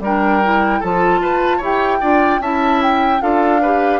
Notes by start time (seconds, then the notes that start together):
0.00 G3 D4 A#4 G5
0.43 E4
0.80 F3 F4 A4 A5
1.20 F4 B4
1.58 E4 G4 C#5
1.65 G5
2.01 D4 F4 D5
2.40 C#4 E4 E5 A5
2.83 G5
3.20 D4 F4 A4 F5
3.62 G4 B4